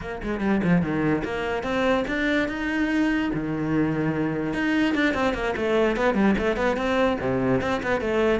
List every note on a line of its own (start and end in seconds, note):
0.01 0.21 A#3
0.23 0.40 G#3
0.40 0.61 G3
0.63 0.82 F3
0.82 1.23 D#3
1.24 1.63 A#3
1.63 2.04 C4
2.07 2.48 D4
2.48 3.30 D#4
3.33 4.53 D#3
4.53 4.94 D#4
4.94 5.14 D4
5.14 5.33 C4
5.33 5.54 A#3
5.56 5.96 A3
5.96 6.14 B3
6.14 6.34 G3
6.38 6.56 A3
6.56 6.76 B3
6.76 7.17 C4
7.20 7.61 C3
7.61 7.81 C4
7.82 8.00 B3
8.00 8.40 A3